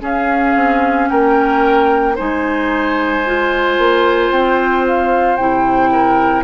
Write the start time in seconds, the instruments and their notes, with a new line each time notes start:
0.00 clarinet C#4, bassoon C#4, oboe G#4, flute F5
0.55 bassoon C4
1.08 bassoon A#3, oboe A#4, flute G5
2.15 bassoon G#3, clarinet D#4, oboe C5, flute G#5
3.25 clarinet F4
3.78 bassoon A#3
4.30 bassoon C4, flute G5
4.87 flute F5
5.36 bassoon C3, clarinet E4, flute G5
5.92 oboe A#4